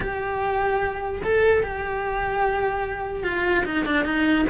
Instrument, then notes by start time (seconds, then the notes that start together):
cello
0.00 G4
1.23 A4
1.63 G4
3.23 F4
3.65 D#4
3.85 D4
4.04 D#4